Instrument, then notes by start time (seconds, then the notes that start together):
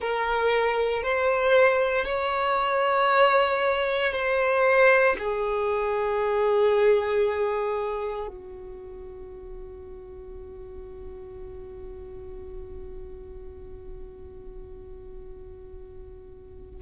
violin
0.00 A#4
1.03 C5
2.05 C#5
4.12 C5
5.18 G#4
8.27 F#4